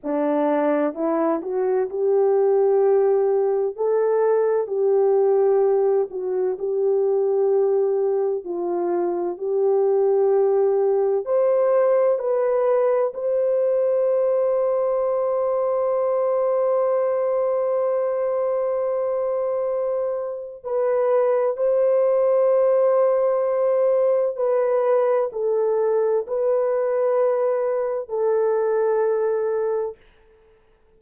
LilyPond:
\new Staff \with { instrumentName = "horn" } { \time 4/4 \tempo 4 = 64 d'4 e'8 fis'8 g'2 | a'4 g'4. fis'8 g'4~ | g'4 f'4 g'2 | c''4 b'4 c''2~ |
c''1~ | c''2 b'4 c''4~ | c''2 b'4 a'4 | b'2 a'2 | }